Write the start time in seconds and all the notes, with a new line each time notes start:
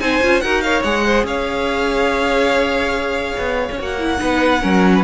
0.00 C4 D#4 C5 G#5
0.22 C#4 F4
0.41 D#4 F#4 A#4 F#5
0.62 A#4 C#5 F5
0.83 G#3 G#4 F#5
1.06 C5
1.24 C#4 C#5 F5
3.38 B3
3.72 C#4 F#4
3.79 A#3 F#5
3.99 E4
4.18 B3 D#4 B4
4.61 F#3 C#4 A#4
4.95 B4